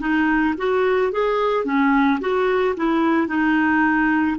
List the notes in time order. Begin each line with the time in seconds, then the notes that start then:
0.00 D#4
0.58 F#4
1.12 G#4
1.65 C#4
2.21 F#4
2.77 E4
3.28 D#4